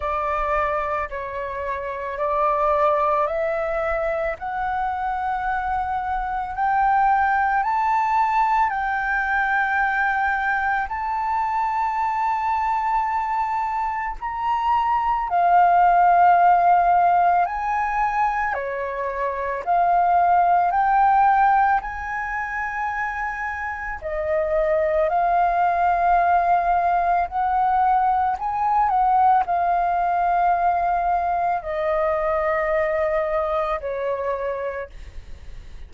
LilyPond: \new Staff \with { instrumentName = "flute" } { \time 4/4 \tempo 4 = 55 d''4 cis''4 d''4 e''4 | fis''2 g''4 a''4 | g''2 a''2~ | a''4 ais''4 f''2 |
gis''4 cis''4 f''4 g''4 | gis''2 dis''4 f''4~ | f''4 fis''4 gis''8 fis''8 f''4~ | f''4 dis''2 cis''4 | }